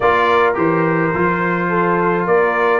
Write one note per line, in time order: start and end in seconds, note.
0.00 0.56 A#3
0.00 0.54 F4
0.00 1.69 A#4
0.00 0.53 D5
0.54 1.13 E3
0.54 1.10 G4
0.54 2.26 C5
1.13 2.27 F3
1.13 2.80 F4
1.69 2.26 A4
2.26 2.80 A#3
2.26 2.80 A#4
2.26 2.80 D5